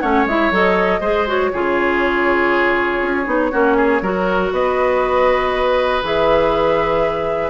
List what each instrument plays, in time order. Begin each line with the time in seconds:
0.00 bassoon A3, clarinet C#4, oboe C#5, flute F#5
0.26 bassoon G#3, clarinet E4, flute E5
0.51 bassoon F#3, clarinet A4, flute D#5
1.00 bassoon G#3, clarinet G#4, oboe C5
1.27 clarinet F#4, flute C#5
1.53 bassoon C#3, clarinet F4, oboe G#4
3.02 bassoon C#4
3.26 bassoon B3, clarinet D#4
3.52 bassoon A#3, clarinet C#4, oboe F#4
3.77 oboe G#4
4.02 bassoon F#3, clarinet F#4, oboe A#4
4.52 bassoon B3, oboe B4, flute D#5
6.03 bassoon E3, clarinet G#4, flute E5